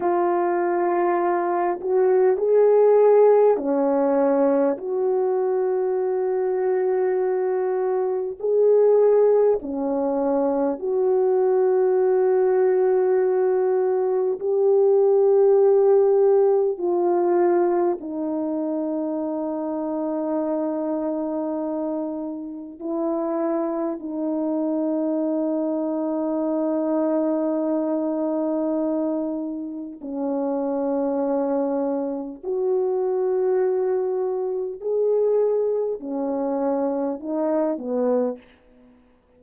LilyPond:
\new Staff \with { instrumentName = "horn" } { \time 4/4 \tempo 4 = 50 f'4. fis'8 gis'4 cis'4 | fis'2. gis'4 | cis'4 fis'2. | g'2 f'4 dis'4~ |
dis'2. e'4 | dis'1~ | dis'4 cis'2 fis'4~ | fis'4 gis'4 cis'4 dis'8 b8 | }